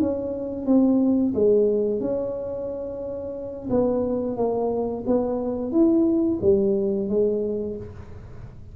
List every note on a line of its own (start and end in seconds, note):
0.00 0.66 C#4
0.66 1.34 C4
1.35 2.00 G#3
2.00 3.69 C#4
3.70 4.37 B3
4.37 5.04 A#3
5.07 5.72 B3
5.72 6.40 E4
6.42 7.09 G3
7.09 7.77 G#3